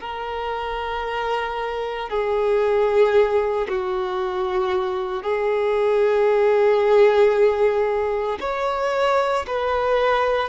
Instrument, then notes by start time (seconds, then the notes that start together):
violin
0.00 A#4
2.09 G#4
3.68 F#4
5.22 G#4
8.40 C#5
9.47 B4